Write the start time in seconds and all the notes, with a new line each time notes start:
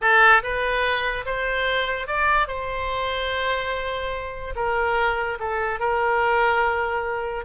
0.01 A4
0.42 B4
1.25 C5
2.07 D5
2.47 C5
4.55 A#4
5.39 A4
5.79 A#4